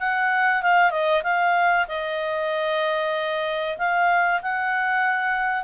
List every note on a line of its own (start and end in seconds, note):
0.00 0.63 F#5
0.63 0.91 F5
0.91 1.23 D#5
1.23 1.87 F5
1.89 3.78 D#5
3.78 4.42 F5
4.42 5.64 F#5